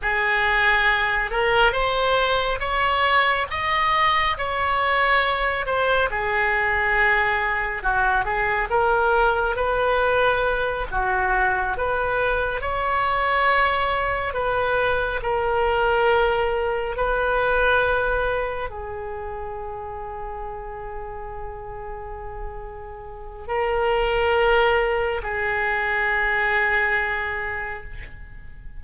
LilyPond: \new Staff \with { instrumentName = "oboe" } { \time 4/4 \tempo 4 = 69 gis'4. ais'8 c''4 cis''4 | dis''4 cis''4. c''8 gis'4~ | gis'4 fis'8 gis'8 ais'4 b'4~ | b'8 fis'4 b'4 cis''4.~ |
cis''8 b'4 ais'2 b'8~ | b'4. gis'2~ gis'8~ | gis'2. ais'4~ | ais'4 gis'2. | }